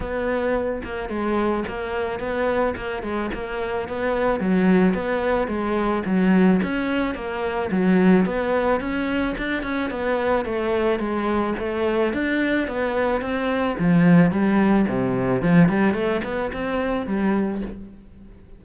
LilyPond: \new Staff \with { instrumentName = "cello" } { \time 4/4 \tempo 4 = 109 b4. ais8 gis4 ais4 | b4 ais8 gis8 ais4 b4 | fis4 b4 gis4 fis4 | cis'4 ais4 fis4 b4 |
cis'4 d'8 cis'8 b4 a4 | gis4 a4 d'4 b4 | c'4 f4 g4 c4 | f8 g8 a8 b8 c'4 g4 | }